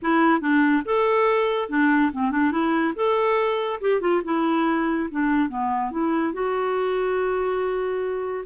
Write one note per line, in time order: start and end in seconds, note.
0.02 0.40 E4
0.40 0.83 D4
0.85 1.69 A4
1.69 2.11 D4
2.12 2.31 C4
2.31 2.51 D4
2.51 2.93 E4
2.95 3.80 A4
3.80 4.00 G4
4.00 4.22 F4
4.24 5.09 E4
5.10 5.49 D4
5.49 5.91 B3
5.91 6.33 E4
6.33 8.44 F#4